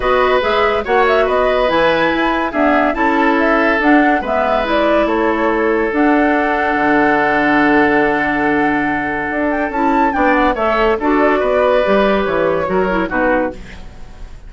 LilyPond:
<<
  \new Staff \with { instrumentName = "flute" } { \time 4/4 \tempo 4 = 142 dis''4 e''4 fis''8 e''8 dis''4 | gis''2 e''4 a''4 | e''4 fis''4 e''4 d''4 | cis''2 fis''2~ |
fis''1~ | fis''2~ fis''8 g''8 a''4 | g''8 fis''8 e''4 d''2~ | d''4 cis''2 b'4 | }
  \new Staff \with { instrumentName = "oboe" } { \time 4/4 b'2 cis''4 b'4~ | b'2 gis'4 a'4~ | a'2 b'2 | a'1~ |
a'1~ | a'1 | d''4 cis''4 a'4 b'4~ | b'2 ais'4 fis'4 | }
  \new Staff \with { instrumentName = "clarinet" } { \time 4/4 fis'4 gis'4 fis'2 | e'2 b4 e'4~ | e'4 d'4 b4 e'4~ | e'2 d'2~ |
d'1~ | d'2. e'4 | d'4 a'4 fis'2 | g'2 fis'8 e'8 dis'4 | }
  \new Staff \with { instrumentName = "bassoon" } { \time 4/4 b4 gis4 ais4 b4 | e4 e'4 d'4 cis'4~ | cis'4 d'4 gis2 | a2 d'2 |
d1~ | d2 d'4 cis'4 | b4 a4 d'4 b4 | g4 e4 fis4 b,4 | }
>>